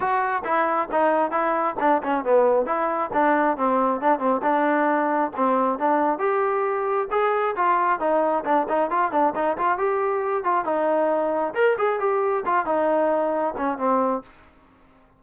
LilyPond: \new Staff \with { instrumentName = "trombone" } { \time 4/4 \tempo 4 = 135 fis'4 e'4 dis'4 e'4 | d'8 cis'8 b4 e'4 d'4 | c'4 d'8 c'8 d'2 | c'4 d'4 g'2 |
gis'4 f'4 dis'4 d'8 dis'8 | f'8 d'8 dis'8 f'8 g'4. f'8 | dis'2 ais'8 gis'8 g'4 | f'8 dis'2 cis'8 c'4 | }